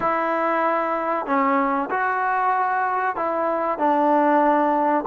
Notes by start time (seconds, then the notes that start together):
0.00 E4
1.26 C#4
1.90 F#4
3.16 E4
3.78 D4